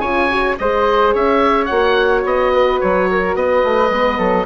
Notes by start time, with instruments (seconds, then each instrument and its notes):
0.00 bassoon C#3, horn F4, flute C#5, oboe G#5
0.30 horn F#4
0.58 bassoon G#3, horn G#4, flute C5, oboe D#5
1.13 bassoon C#4, flute C#5, oboe E5
1.65 bassoon A#3, horn F#4, oboe F#5
2.24 bassoon B3, oboe D#5
2.53 flute B4
2.80 bassoon F#3, oboe C#5
3.10 flute A#4
3.35 bassoon B3, flute B4, oboe D#5
3.64 bassoon A3
3.90 bassoon G#3, horn B3
4.17 bassoon F#3, flute A4